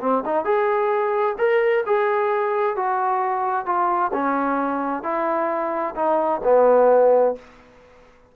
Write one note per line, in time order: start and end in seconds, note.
0.00 0.23 C4
0.25 0.45 D#4
0.45 1.36 G#4
1.38 1.84 A#4
1.86 2.76 G#4
2.76 3.65 F#4
3.65 4.11 F4
4.13 5.03 C#4
5.03 5.94 E4
5.95 6.41 D#4
6.44 7.35 B3